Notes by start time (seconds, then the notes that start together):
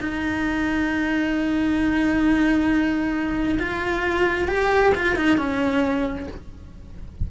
0.00 D#4
3.59 F4
4.48 G4
4.95 F4
5.16 D#4
5.37 C#4